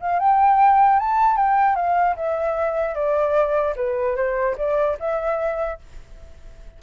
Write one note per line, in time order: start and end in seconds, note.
0.00 0.19 F5
0.19 0.99 G5
0.99 1.36 A5
1.36 1.75 G5
1.75 2.15 F5
2.16 2.95 E5
2.95 3.75 D5
3.76 4.16 B4
4.16 4.56 C5
4.57 4.97 D5
4.99 5.79 E5